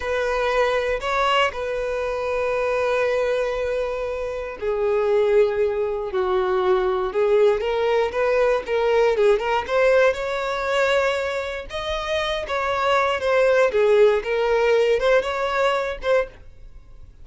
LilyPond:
\new Staff \with { instrumentName = "violin" } { \time 4/4 \tempo 4 = 118 b'2 cis''4 b'4~ | b'1~ | b'4 gis'2. | fis'2 gis'4 ais'4 |
b'4 ais'4 gis'8 ais'8 c''4 | cis''2. dis''4~ | dis''8 cis''4. c''4 gis'4 | ais'4. c''8 cis''4. c''8 | }